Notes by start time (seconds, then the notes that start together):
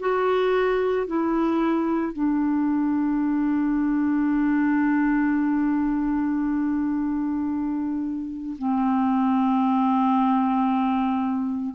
0.00 F#4
1.07 E4
2.13 D4
8.58 C4